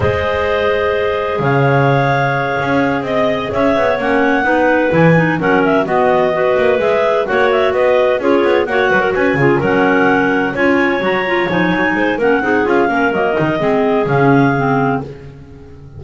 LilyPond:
<<
  \new Staff \with { instrumentName = "clarinet" } { \time 4/4 \tempo 4 = 128 dis''2. f''4~ | f''2~ f''8 dis''4 e''8~ | e''8 fis''2 gis''4 fis''8 | e''8 dis''2 e''4 fis''8 |
e''8 dis''4 cis''4 fis''4 gis''8~ | gis''8 fis''2 gis''4 ais''8~ | ais''8 gis''4. fis''4 f''4 | dis''2 f''2 | }
  \new Staff \with { instrumentName = "clarinet" } { \time 4/4 c''2. cis''4~ | cis''2~ cis''8 dis''4 cis''8~ | cis''4. b'2 ais'8~ | ais'8 fis'4 b'2 cis''8~ |
cis''8 b'4 gis'4 cis''8 b'16 ais'16 b'8 | gis'8 ais'2 cis''4.~ | cis''4. c''8 ais'8 gis'4 ais'8~ | ais'4 gis'2. | }
  \new Staff \with { instrumentName = "clarinet" } { \time 4/4 gis'1~ | gis'1~ | gis'8 cis'4 dis'4 e'8 dis'8 cis'8~ | cis'8 b4 fis'4 gis'4 fis'8~ |
fis'4. f'4 fis'4. | f'8 cis'2 f'4 fis'8 | f'8 dis'4. cis'8 dis'8 f'8 cis'8 | ais8 dis'8 c'4 cis'4 c'4 | }
  \new Staff \with { instrumentName = "double bass" } { \time 4/4 gis2. cis4~ | cis4. cis'4 c'4 cis'8 | b8 ais4 b4 e4 fis8~ | fis8 b4. ais8 gis4 ais8~ |
ais8 b4 cis'8 b8 ais8 fis8 cis'8 | cis8 fis2 cis'4 fis8~ | fis8 f8 fis8 gis8 ais8 c'8 cis'8 ais8 | fis8 dis8 gis4 cis2 | }
>>